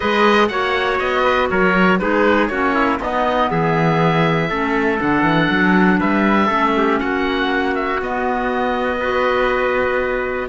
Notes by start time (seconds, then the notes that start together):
0.00 G#3 G#4 B4 D#5
0.47 A#3 F#4 C#5 F#5
0.98 B3 D#5
1.23 B4
1.50 F#3 A#4 C#5
1.98 G#3 D#4 G#4 B4
2.47 A#3 C#4 F#4 C#5
2.74 E4
2.98 B3 D#4 D#5
3.50 E3 G#4 E5
4.49 A3 C#4 A4
4.98 D3 D4 F#5
5.22 E3
5.50 F#3
5.99 G3 B4 E5
6.46 A3 C#4 A4
6.76 G4
6.99 A#3 F#4 F#5
7.74 E5
8.01 B3 D#5
8.99 F#4 B4